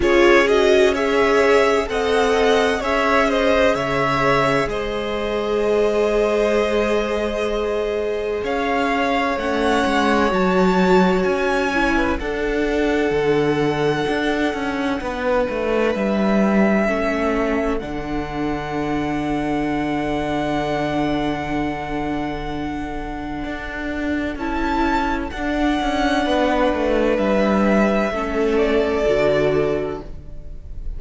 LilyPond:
<<
  \new Staff \with { instrumentName = "violin" } { \time 4/4 \tempo 4 = 64 cis''8 dis''8 e''4 fis''4 e''8 dis''8 | e''4 dis''2.~ | dis''4 f''4 fis''4 a''4 | gis''4 fis''2.~ |
fis''4 e''2 fis''4~ | fis''1~ | fis''2 a''4 fis''4~ | fis''4 e''4. d''4. | }
  \new Staff \with { instrumentName = "violin" } { \time 4/4 gis'4 cis''4 dis''4 cis''8 c''8 | cis''4 c''2.~ | c''4 cis''2.~ | cis''8. b'16 a'2. |
b'2 a'2~ | a'1~ | a'1 | b'2 a'2 | }
  \new Staff \with { instrumentName = "viola" } { \time 4/4 f'8 fis'8 gis'4 a'4 gis'4~ | gis'1~ | gis'2 cis'4 fis'4~ | fis'8 e'8 d'2.~ |
d'2 cis'4 d'4~ | d'1~ | d'2 e'4 d'4~ | d'2 cis'4 fis'4 | }
  \new Staff \with { instrumentName = "cello" } { \time 4/4 cis'2 c'4 cis'4 | cis4 gis2.~ | gis4 cis'4 a8 gis8 fis4 | cis'4 d'4 d4 d'8 cis'8 |
b8 a8 g4 a4 d4~ | d1~ | d4 d'4 cis'4 d'8 cis'8 | b8 a8 g4 a4 d4 | }
>>